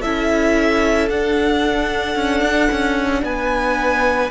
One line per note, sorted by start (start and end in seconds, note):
0.00 1.09 C#4
0.00 1.10 E4
0.00 3.21 A4
0.00 1.09 E5
1.09 2.15 D4
1.09 4.30 D4
1.09 3.23 F#5
2.15 2.41 C#4
2.41 2.68 D4
2.71 3.23 C#4
3.23 4.30 B3
3.23 4.30 B4
3.23 4.30 G#5